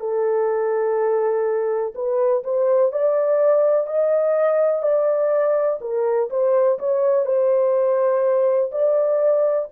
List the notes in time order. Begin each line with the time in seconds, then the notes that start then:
0.00 A4
1.94 B4
2.44 C5
2.92 D5
3.87 D#5
4.82 D5
5.81 A#4
6.30 C5
6.79 C#5
7.26 C5
8.71 D5